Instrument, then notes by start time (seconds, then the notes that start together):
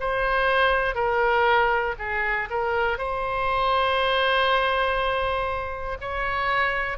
oboe
0.00 C5
0.95 A#4
1.98 G#4
2.50 A#4
2.98 C5
6.00 C#5